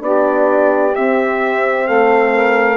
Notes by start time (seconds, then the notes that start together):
0.00 B3 D4 G4 D5
0.96 C4 E5
1.86 A3 A4 F5
2.33 A#4